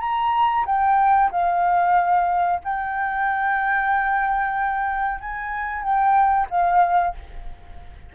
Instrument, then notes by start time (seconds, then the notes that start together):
flute
0.00 A#5
0.66 G5
1.31 F5
2.64 G5
5.20 G#5
5.83 G5
6.50 F5